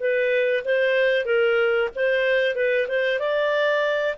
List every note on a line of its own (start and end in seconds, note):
0.00 0.64 B4
0.64 1.25 C5
1.25 1.89 A#4
1.96 2.56 C5
2.56 2.88 B4
2.88 3.20 C5
3.20 4.15 D5